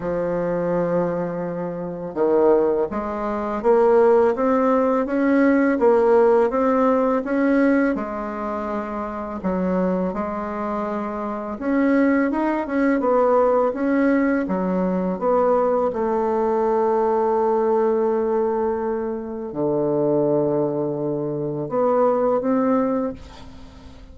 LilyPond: \new Staff \with { instrumentName = "bassoon" } { \time 4/4 \tempo 4 = 83 f2. dis4 | gis4 ais4 c'4 cis'4 | ais4 c'4 cis'4 gis4~ | gis4 fis4 gis2 |
cis'4 dis'8 cis'8 b4 cis'4 | fis4 b4 a2~ | a2. d4~ | d2 b4 c'4 | }